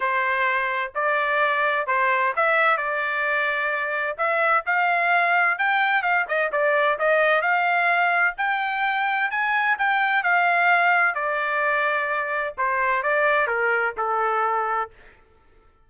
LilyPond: \new Staff \with { instrumentName = "trumpet" } { \time 4/4 \tempo 4 = 129 c''2 d''2 | c''4 e''4 d''2~ | d''4 e''4 f''2 | g''4 f''8 dis''8 d''4 dis''4 |
f''2 g''2 | gis''4 g''4 f''2 | d''2. c''4 | d''4 ais'4 a'2 | }